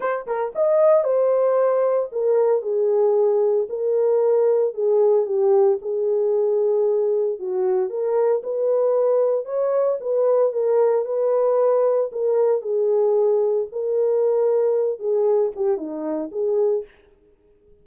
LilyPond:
\new Staff \with { instrumentName = "horn" } { \time 4/4 \tempo 4 = 114 c''8 ais'8 dis''4 c''2 | ais'4 gis'2 ais'4~ | ais'4 gis'4 g'4 gis'4~ | gis'2 fis'4 ais'4 |
b'2 cis''4 b'4 | ais'4 b'2 ais'4 | gis'2 ais'2~ | ais'8 gis'4 g'8 dis'4 gis'4 | }